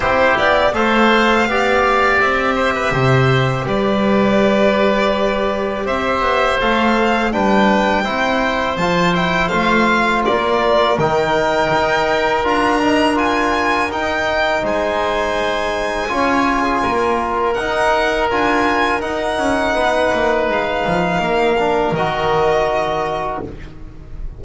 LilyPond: <<
  \new Staff \with { instrumentName = "violin" } { \time 4/4 \tempo 4 = 82 c''8 d''8 f''2 e''4~ | e''4 d''2. | e''4 f''4 g''2 | a''8 g''8 f''4 d''4 g''4~ |
g''4 ais''4 gis''4 g''4 | gis''1 | fis''4 gis''4 fis''2 | f''2 dis''2 | }
  \new Staff \with { instrumentName = "oboe" } { \time 4/4 g'4 c''4 d''4. c''16 b'16 | c''4 b'2. | c''2 b'4 c''4~ | c''2 ais'2~ |
ais'1 | c''2 cis''8. gis'16 ais'4~ | ais'2. b'4~ | b'4 ais'2. | }
  \new Staff \with { instrumentName = "trombone" } { \time 4/4 e'4 a'4 g'2~ | g'1~ | g'4 a'4 d'4 e'4 | f'8 e'8 f'2 dis'4~ |
dis'4 f'8 dis'8 f'4 dis'4~ | dis'2 f'2 | dis'4 f'4 dis'2~ | dis'4. d'8 fis'2 | }
  \new Staff \with { instrumentName = "double bass" } { \time 4/4 c'8 b8 a4 b4 c'4 | c4 g2. | c'8 b8 a4 g4 c'4 | f4 a4 ais4 dis4 |
dis'4 d'2 dis'4 | gis2 cis'4 ais4 | dis'4 d'4 dis'8 cis'8 b8 ais8 | gis8 f8 ais4 dis2 | }
>>